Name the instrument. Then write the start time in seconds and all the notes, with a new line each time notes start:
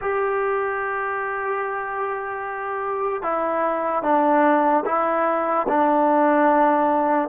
trombone
0.01 G4
3.22 E4
4.02 D4
4.85 E4
5.68 D4